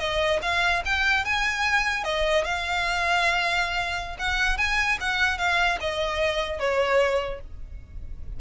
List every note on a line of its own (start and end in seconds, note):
0.00 0.41 D#5
0.43 0.83 F5
0.86 1.25 G5
1.25 2.05 G#5
2.05 2.45 D#5
2.45 4.17 F5
4.19 4.58 F#5
4.58 4.98 G#5
5.01 5.38 F#5
5.38 5.79 F5
5.81 6.60 D#5
6.60 7.41 C#5